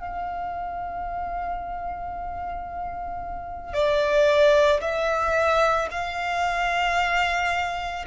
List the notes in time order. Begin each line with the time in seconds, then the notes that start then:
0.00 F5
3.74 D5
4.81 E5
5.91 F5